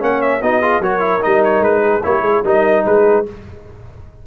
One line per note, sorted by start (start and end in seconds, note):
0.00 0.42 A#3
0.00 0.41 C#4
0.00 0.42 C#5
0.00 0.22 F#5
0.22 0.42 E5
0.42 0.80 B3
0.42 0.62 D#4
0.42 0.62 F#4
0.42 0.83 D#5
0.62 0.83 F4
0.62 0.81 G#4
0.80 1.21 F#3
0.80 1.00 F#4
0.80 1.83 A#4
0.80 1.23 C#5
1.00 1.20 E4
1.21 1.61 G3
1.21 2.02 D#4
1.21 1.44 D#5
1.44 1.64 C#5
1.61 2.01 G#3
1.61 2.04 B4
1.83 2.03 G#4
2.04 2.22 A#3
2.04 2.44 E4
2.04 2.23 G4
2.04 2.45 C#5
2.22 2.42 G#3
2.22 2.43 G#4
2.44 2.85 G3
2.44 3.26 D#4
2.44 2.86 A#4
2.44 2.86 D#5
2.86 3.27 G#3
2.86 3.27 G#4
2.86 3.27 B4